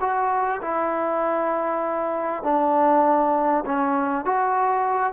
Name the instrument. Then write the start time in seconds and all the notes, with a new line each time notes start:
trombone
0.00 F#4
0.61 E4
2.43 D4
3.66 C#4
4.25 F#4